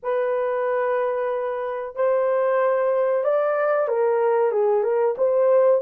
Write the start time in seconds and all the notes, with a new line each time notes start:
0.02 B4
1.95 C5
3.23 D5
3.88 A#4
4.51 G#4
4.83 A#4
5.17 C5